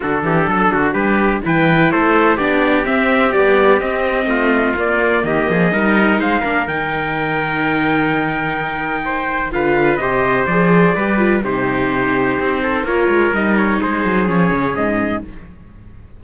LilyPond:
<<
  \new Staff \with { instrumentName = "trumpet" } { \time 4/4 \tempo 4 = 126 a'2 b'4 g''4 | c''4 d''4 e''4 d''4 | dis''2 d''4 dis''4~ | dis''4 f''4 g''2~ |
g''1 | f''4 dis''4 d''2 | c''2. cis''4 | dis''8 cis''8 c''4 cis''4 dis''4 | }
  \new Staff \with { instrumentName = "trumpet" } { \time 4/4 fis'8 g'8 a'8 fis'8 g'4 b'4 | a'4 g'2.~ | g'4 f'2 g'8 gis'8 | ais'4 c''8 ais'2~ ais'8~ |
ais'2. c''4 | b'4 c''2 b'4 | g'2~ g'8 a'8 ais'4~ | ais'4 gis'2. | }
  \new Staff \with { instrumentName = "viola" } { \time 4/4 d'2. e'4~ | e'4 d'4 c'4 g4 | c'2 ais2 | dis'4. d'8 dis'2~ |
dis'1 | f'4 g'4 gis'4 g'8 f'8 | dis'2. f'4 | dis'2 cis'2 | }
  \new Staff \with { instrumentName = "cello" } { \time 4/4 d8 e8 fis8 d8 g4 e4 | a4 b4 c'4 b4 | c'4 a4 ais4 dis8 f8 | g4 gis8 ais8 dis2~ |
dis1 | d4 c4 f4 g4 | c2 c'4 ais8 gis8 | g4 gis8 fis8 f8 cis8 gis,4 | }
>>